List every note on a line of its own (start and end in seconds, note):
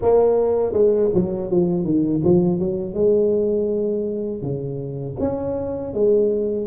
0.01 0.72 A#3
0.72 1.09 G#3
1.14 1.50 F#3
1.50 1.84 F3
1.84 2.21 D#3
2.24 2.59 F3
2.59 2.94 F#3
2.94 4.41 G#3
4.41 5.15 C#3
5.19 5.93 C#4
5.93 6.67 G#3